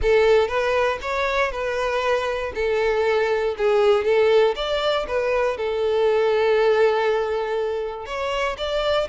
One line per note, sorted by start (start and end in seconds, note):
0.02 0.48 A4
0.48 0.98 B4
1.01 1.51 C#5
1.51 2.52 B4
2.54 3.55 A4
3.57 4.04 G#4
4.04 4.54 A4
4.55 5.06 D5
5.07 5.57 B4
5.57 8.06 A4
8.06 8.56 C#5
8.57 9.08 D5